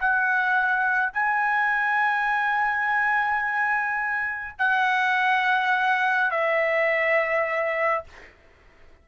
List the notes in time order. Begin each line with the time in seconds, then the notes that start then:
0.00 F#5
1.13 G#5
4.58 F#5
6.31 E5